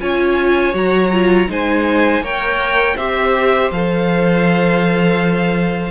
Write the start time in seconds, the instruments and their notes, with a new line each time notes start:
0.00 cello C#4, viola F4, violin C#5 G#5
0.73 cello F#3, viola F#4, violin A#5
1.12 viola F4
1.48 cello G#3, viola D#4, violin C5 G#5
2.21 cello A#3, viola A#4, violin C#5 G5
2.96 cello C4, viola G4, violin C5 E5
3.71 cello F3, viola A4, violin F5